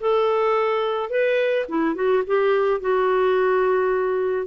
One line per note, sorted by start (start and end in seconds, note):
0.00 1.10 A4
1.10 1.66 B4
1.69 1.95 E4
1.95 2.23 F#4
2.27 2.81 G4
2.81 4.46 F#4